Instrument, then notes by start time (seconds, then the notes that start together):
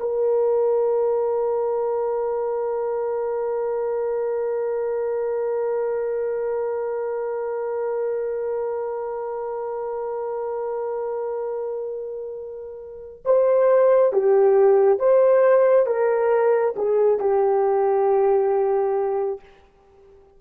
horn
0.00 A#4
13.25 C5
14.13 G4
14.99 C5
15.87 A#4
16.76 G#4
17.20 G4